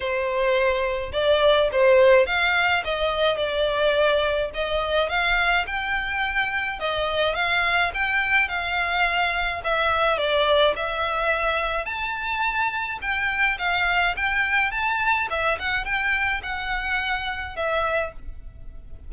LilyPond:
\new Staff \with { instrumentName = "violin" } { \time 4/4 \tempo 4 = 106 c''2 d''4 c''4 | f''4 dis''4 d''2 | dis''4 f''4 g''2 | dis''4 f''4 g''4 f''4~ |
f''4 e''4 d''4 e''4~ | e''4 a''2 g''4 | f''4 g''4 a''4 e''8 fis''8 | g''4 fis''2 e''4 | }